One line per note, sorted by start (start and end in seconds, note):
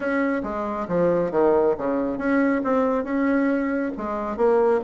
0.00 0.42 C#4
0.43 0.87 G#3
0.88 1.31 F3
1.31 1.75 D#3
1.77 2.17 C#3
2.17 2.61 C#4
2.64 3.04 C4
3.04 3.91 C#4
3.97 4.36 G#3
4.36 4.80 A#3